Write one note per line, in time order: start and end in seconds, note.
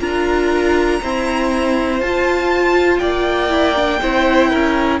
0.00 1.00 D4
0.00 1.00 F4
0.00 1.00 A#4
0.00 2.00 A#5
1.02 2.02 C4
1.02 2.00 E4
1.02 3.00 C5
2.00 3.00 F4
2.00 3.49 F4
2.00 2.98 A5
2.98 4.01 A#3
2.98 4.00 D5
2.98 4.98 G5
3.49 3.74 E4
3.75 4.00 D4
4.01 4.52 C4
4.01 5.00 E4
4.01 4.50 C5
4.50 5.00 C#4
4.50 5.00 A#4